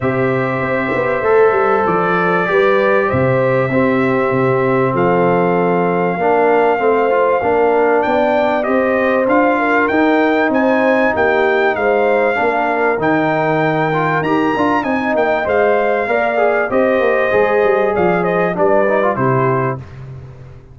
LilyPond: <<
  \new Staff \with { instrumentName = "trumpet" } { \time 4/4 \tempo 4 = 97 e''2. d''4~ | d''4 e''2. | f''1~ | f''4 g''4 dis''4 f''4 |
g''4 gis''4 g''4 f''4~ | f''4 g''2 ais''4 | gis''8 g''8 f''2 dis''4~ | dis''4 f''8 dis''8 d''4 c''4 | }
  \new Staff \with { instrumentName = "horn" } { \time 4/4 c''1 | b'4 c''4 g'2 | a'2 ais'4 c''4 | ais'4 d''4 c''4. ais'8~ |
ais'4 c''4 g'4 c''4 | ais'1 | dis''2 d''4 c''4~ | c''4 d''8 c''8 b'4 g'4 | }
  \new Staff \with { instrumentName = "trombone" } { \time 4/4 g'2 a'2 | g'2 c'2~ | c'2 d'4 c'8 f'8 | d'2 g'4 f'4 |
dis'1 | d'4 dis'4. f'8 g'8 f'8 | dis'4 c''4 ais'8 gis'8 g'4 | gis'2 d'8 dis'16 f'16 e'4 | }
  \new Staff \with { instrumentName = "tuba" } { \time 4/4 c4 c'8 b8 a8 g8 f4 | g4 c4 c'4 c4 | f2 ais4 a4 | ais4 b4 c'4 d'4 |
dis'4 c'4 ais4 gis4 | ais4 dis2 dis'8 d'8 | c'8 ais8 gis4 ais4 c'8 ais8 | gis8 g8 f4 g4 c4 | }
>>